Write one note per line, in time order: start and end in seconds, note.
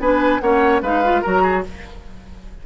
0.00 0.40 B3
0.00 0.41 D4
0.00 0.42 B4
0.00 0.40 G#5
0.40 0.82 A#3
0.40 0.83 C#4
0.40 0.83 C#5
0.40 0.80 F#5
0.82 1.22 G#3
0.82 1.03 D#4
0.82 1.22 B4
0.82 1.23 F5
1.05 1.24 F4
1.22 1.66 F#3
1.22 1.64 F#4
1.22 1.42 A#4
1.22 1.64 A#5
1.43 1.63 G#4